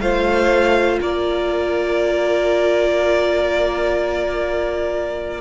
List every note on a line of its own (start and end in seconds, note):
0.00 0.98 A3
0.00 5.40 F4
0.00 0.99 C5
0.00 0.98 F5
0.99 5.40 A#3
0.99 5.40 A#4
0.99 5.40 D5